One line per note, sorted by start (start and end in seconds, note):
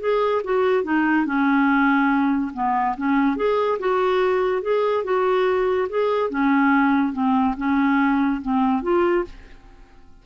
0.00 0.42 G#4
0.44 0.84 F#4
0.84 1.26 D#4
1.26 2.52 C#4
2.54 2.96 B3
2.97 3.36 C#4
3.36 3.78 G#4
3.80 4.62 F#4
4.62 5.04 G#4
5.04 5.88 F#4
5.89 6.30 G#4
6.30 7.13 C#4
7.13 7.55 C4
7.58 8.41 C#4
8.42 8.82 C4
8.82 9.24 F4